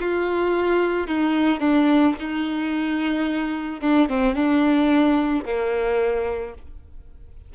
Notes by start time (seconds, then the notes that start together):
0.00 F4
1.08 D#4
1.60 D4
2.20 D#4
3.81 D4
4.09 C4
4.35 D4
5.45 A#3